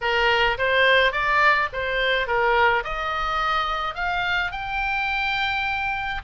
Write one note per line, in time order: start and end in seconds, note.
0.01 0.57 A#4
0.57 1.12 C5
1.12 1.68 D5
1.72 2.27 C5
2.27 2.83 A#4
2.84 3.95 D#5
3.95 4.51 F5
4.51 6.21 G5